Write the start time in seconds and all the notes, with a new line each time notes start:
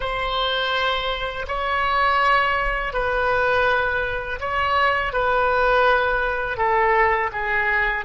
0.00 C5
1.47 C#5
2.93 B4
4.40 C#5
5.12 B4
6.57 A4
7.32 G#4